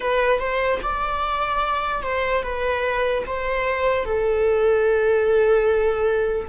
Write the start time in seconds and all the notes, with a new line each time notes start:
0.00 B4
0.39 C5
0.82 D5
2.02 C5
2.42 B4
3.26 C5
4.04 A4